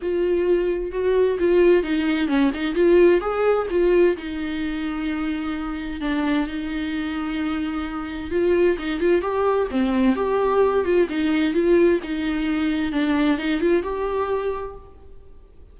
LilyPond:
\new Staff \with { instrumentName = "viola" } { \time 4/4 \tempo 4 = 130 f'2 fis'4 f'4 | dis'4 cis'8 dis'8 f'4 gis'4 | f'4 dis'2.~ | dis'4 d'4 dis'2~ |
dis'2 f'4 dis'8 f'8 | g'4 c'4 g'4. f'8 | dis'4 f'4 dis'2 | d'4 dis'8 f'8 g'2 | }